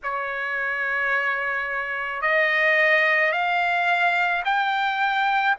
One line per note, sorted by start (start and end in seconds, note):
0.03 2.21 C#5
2.21 3.31 D#5
3.31 4.42 F5
4.44 5.56 G5